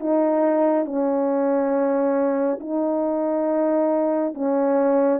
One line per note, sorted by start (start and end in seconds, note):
0.00 0.85 D#4
0.85 2.59 C#4
2.60 4.34 D#4
4.34 5.20 C#4